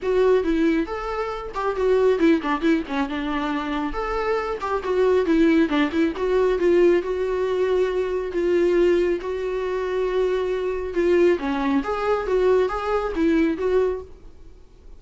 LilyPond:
\new Staff \with { instrumentName = "viola" } { \time 4/4 \tempo 4 = 137 fis'4 e'4 a'4. g'8 | fis'4 e'8 d'8 e'8 cis'8 d'4~ | d'4 a'4. g'8 fis'4 | e'4 d'8 e'8 fis'4 f'4 |
fis'2. f'4~ | f'4 fis'2.~ | fis'4 f'4 cis'4 gis'4 | fis'4 gis'4 e'4 fis'4 | }